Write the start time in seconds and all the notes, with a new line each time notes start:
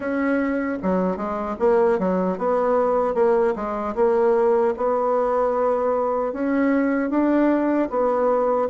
0.00 C#4
0.82 F#3
1.16 G#3
1.59 A#3
1.98 F#3
2.38 B3
3.14 A#3
3.55 G#3
3.95 A#3
4.76 B3
6.33 C#4
7.09 D4
7.89 B3